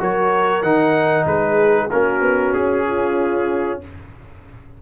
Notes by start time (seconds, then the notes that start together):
0.00 F#3 F#4 A#4 C#5
0.63 D#3 D#4 F#5
1.26 G#3 G#4 B4
1.91 A#3 C#4 F#4 A#4
2.22 B3
2.54 C#4 G#4
2.88 F4